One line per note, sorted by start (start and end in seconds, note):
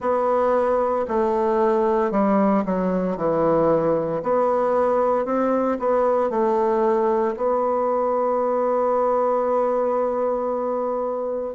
0.00 1.06 B3
1.08 2.11 A3
2.11 2.64 G3
2.65 3.16 F#3
3.16 4.22 E3
4.22 5.25 B3
5.25 5.78 C4
5.79 6.30 B3
6.30 7.35 A3
7.36 11.54 B3